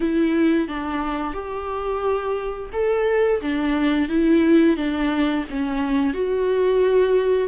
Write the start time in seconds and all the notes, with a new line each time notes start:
0.00 E4
0.68 D4
1.33 G4
2.72 A4
3.41 D4
4.08 E4
4.76 D4
5.49 C#4
6.13 F#4